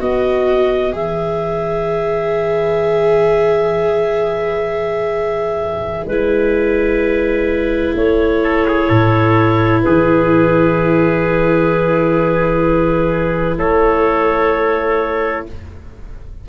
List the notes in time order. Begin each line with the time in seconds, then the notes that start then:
0.00 B3 F#4 B4 D#5
0.93 E3 G#4 E5
6.06 G#3 E4 B4
7.95 A3 C#5
8.44 A4
8.68 G#4
8.89 A2 A4
9.83 E3 G#4 B4
13.57 A3 A4 C#5